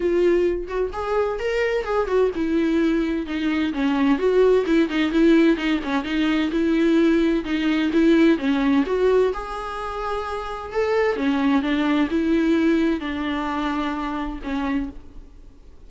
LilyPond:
\new Staff \with { instrumentName = "viola" } { \time 4/4 \tempo 4 = 129 f'4. fis'8 gis'4 ais'4 | gis'8 fis'8 e'2 dis'4 | cis'4 fis'4 e'8 dis'8 e'4 | dis'8 cis'8 dis'4 e'2 |
dis'4 e'4 cis'4 fis'4 | gis'2. a'4 | cis'4 d'4 e'2 | d'2. cis'4 | }